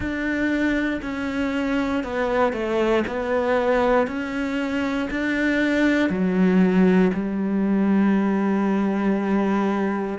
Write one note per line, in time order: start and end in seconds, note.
0.00 1.00 D4
1.02 2.03 C#4
2.03 2.52 B3
2.52 3.03 A3
3.07 4.07 B3
4.07 5.08 C#4
5.10 6.09 D4
6.09 7.11 F#3
7.13 10.18 G3